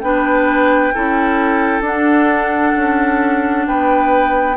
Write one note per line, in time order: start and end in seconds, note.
0.00 0.92 B3
0.00 0.93 D4
0.00 0.94 B4
0.00 1.82 G5
0.94 1.81 C#4
0.94 1.82 E4
0.94 3.66 A4
1.81 2.72 D4
1.81 4.55 D4
1.81 3.66 F#5
2.76 3.67 C#4
3.66 4.56 B3
3.66 4.56 B4
3.66 4.56 G5